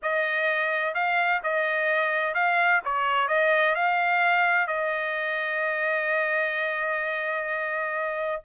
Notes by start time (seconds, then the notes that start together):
0.02 D#5
0.94 F5
1.43 D#5
2.34 F5
2.84 C#5
3.28 D#5
3.75 F5
4.67 D#5